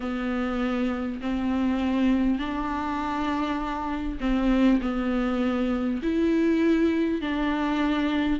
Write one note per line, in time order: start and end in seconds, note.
0.00 1.20 B3
1.21 2.38 C4
2.38 4.18 D4
4.20 4.80 C4
4.81 6.01 B3
6.02 7.21 E4
7.21 8.39 D4